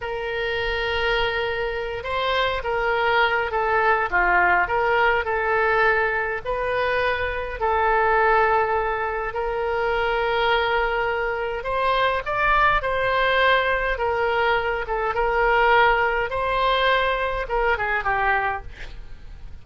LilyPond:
\new Staff \with { instrumentName = "oboe" } { \time 4/4 \tempo 4 = 103 ais'2.~ ais'8 c''8~ | c''8 ais'4. a'4 f'4 | ais'4 a'2 b'4~ | b'4 a'2. |
ais'1 | c''4 d''4 c''2 | ais'4. a'8 ais'2 | c''2 ais'8 gis'8 g'4 | }